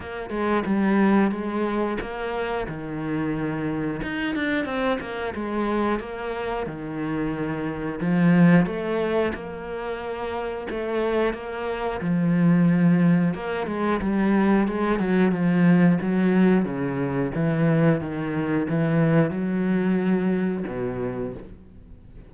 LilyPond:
\new Staff \with { instrumentName = "cello" } { \time 4/4 \tempo 4 = 90 ais8 gis8 g4 gis4 ais4 | dis2 dis'8 d'8 c'8 ais8 | gis4 ais4 dis2 | f4 a4 ais2 |
a4 ais4 f2 | ais8 gis8 g4 gis8 fis8 f4 | fis4 cis4 e4 dis4 | e4 fis2 b,4 | }